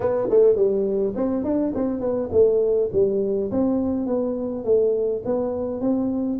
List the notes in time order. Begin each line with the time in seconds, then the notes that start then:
0.00 B3
0.30 A3
0.55 G3
1.15 C4
1.44 D4
1.74 C4
2.00 B3
2.32 A3
2.92 G3
3.51 C4
4.06 B3
4.64 A3
5.25 B3
5.80 C4